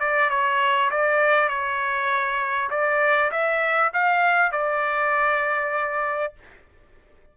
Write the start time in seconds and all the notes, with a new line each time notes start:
0.00 D5
0.30 C#5
0.91 D5
1.49 C#5
2.71 D5
3.32 E5
3.94 F5
4.52 D5